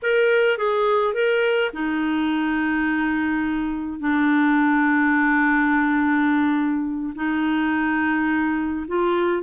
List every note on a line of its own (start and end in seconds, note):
0.02 0.57 A#4
0.57 1.14 G#4
1.14 1.71 A#4
1.73 3.99 D#4
3.99 7.13 D4
7.15 8.86 D#4
8.87 9.42 F4